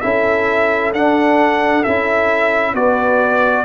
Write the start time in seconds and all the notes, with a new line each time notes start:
0.00 C#4 E4 A4 E5
0.93 D4 F#5
1.83 C#4 E4 E5
2.73 B3 F#4 B4 D5